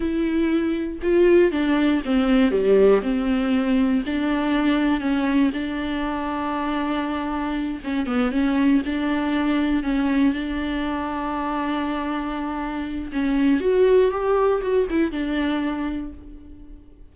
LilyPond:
\new Staff \with { instrumentName = "viola" } { \time 4/4 \tempo 4 = 119 e'2 f'4 d'4 | c'4 g4 c'2 | d'2 cis'4 d'4~ | d'2.~ d'8 cis'8 |
b8 cis'4 d'2 cis'8~ | cis'8 d'2.~ d'8~ | d'2 cis'4 fis'4 | g'4 fis'8 e'8 d'2 | }